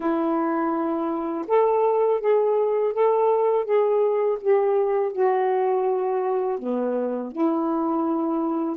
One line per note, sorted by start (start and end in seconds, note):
0.00 1.45 E4
1.47 2.20 A4
2.20 2.93 G#4
2.93 3.64 A4
3.64 4.37 G#4
4.40 5.12 G4
5.12 6.59 F#4
6.59 7.31 B3
7.31 8.76 E4